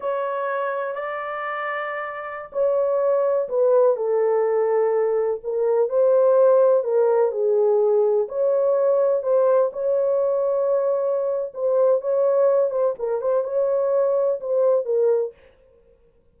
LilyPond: \new Staff \with { instrumentName = "horn" } { \time 4/4 \tempo 4 = 125 cis''2 d''2~ | d''4~ d''16 cis''2 b'8.~ | b'16 a'2. ais'8.~ | ais'16 c''2 ais'4 gis'8.~ |
gis'4~ gis'16 cis''2 c''8.~ | c''16 cis''2.~ cis''8. | c''4 cis''4. c''8 ais'8 c''8 | cis''2 c''4 ais'4 | }